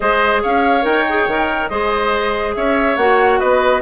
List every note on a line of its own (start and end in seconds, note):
0.00 0.43 G#3
0.00 0.82 G#4
0.00 0.42 C5
0.00 0.42 D#5
0.42 0.84 C#4
0.42 1.70 C#5
0.42 0.84 F5
0.82 1.27 D#4
0.82 1.03 A#4
0.82 1.68 G5
1.08 1.29 G#4
1.27 1.70 D#3
1.27 1.71 A#4
1.68 2.55 G#3
1.68 2.98 G#4
1.68 2.55 C5
1.68 2.53 D#5
2.54 2.97 C#4
2.54 3.39 C#5
2.54 2.96 E5
2.96 3.39 A#3
2.96 3.82 F#4
2.96 3.39 F#5
3.39 3.82 B3
3.39 3.82 B4
3.39 3.82 D#5